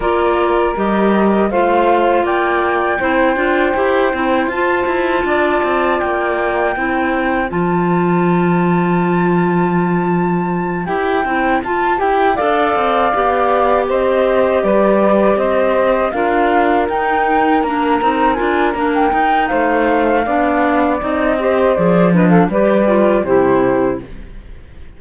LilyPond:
<<
  \new Staff \with { instrumentName = "flute" } { \time 4/4 \tempo 4 = 80 d''4 dis''4 f''4 g''4~ | g''2 a''2 | g''2 a''2~ | a''2~ a''8 g''4 a''8 |
g''8 f''2 dis''4 d''8~ | d''8 dis''4 f''4 g''4 ais''8~ | ais''8 gis''8 ais''16 g''8. f''2 | dis''4 d''8 dis''16 f''16 d''4 c''4 | }
  \new Staff \with { instrumentName = "saxophone" } { \time 4/4 ais'2 c''4 d''4 | c''2. d''4~ | d''4 c''2.~ | c''1~ |
c''8 d''2 c''4 b'8~ | b'8 c''4 ais'2~ ais'8~ | ais'2 c''4 d''4~ | d''8 c''4 b'16 a'16 b'4 g'4 | }
  \new Staff \with { instrumentName = "clarinet" } { \time 4/4 f'4 g'4 f'2 | e'8 f'8 g'8 e'8 f'2~ | f'4 e'4 f'2~ | f'2~ f'8 g'8 e'8 f'8 |
g'8 a'4 g'2~ g'8~ | g'4. f'4 dis'4 d'8 | dis'8 f'8 d'8 dis'4. d'4 | dis'8 g'8 gis'8 d'8 g'8 f'8 e'4 | }
  \new Staff \with { instrumentName = "cello" } { \time 4/4 ais4 g4 a4 ais4 | c'8 d'8 e'8 c'8 f'8 e'8 d'8 c'8 | ais4 c'4 f2~ | f2~ f8 e'8 c'8 f'8 |
e'8 d'8 c'8 b4 c'4 g8~ | g8 c'4 d'4 dis'4 ais8 | c'8 d'8 ais8 dis'8 a4 b4 | c'4 f4 g4 c4 | }
>>